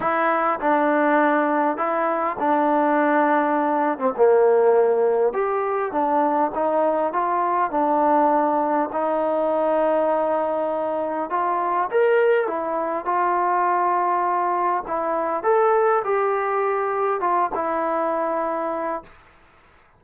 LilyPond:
\new Staff \with { instrumentName = "trombone" } { \time 4/4 \tempo 4 = 101 e'4 d'2 e'4 | d'2~ d'8. c'16 ais4~ | ais4 g'4 d'4 dis'4 | f'4 d'2 dis'4~ |
dis'2. f'4 | ais'4 e'4 f'2~ | f'4 e'4 a'4 g'4~ | g'4 f'8 e'2~ e'8 | }